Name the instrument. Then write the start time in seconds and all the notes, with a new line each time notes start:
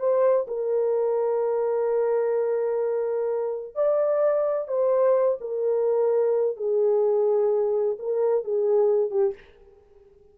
horn
0.00 C5
0.48 A#4
3.75 D5
4.68 C5
5.41 A#4
6.57 G#4
7.99 A#4
8.45 G#4
9.11 G4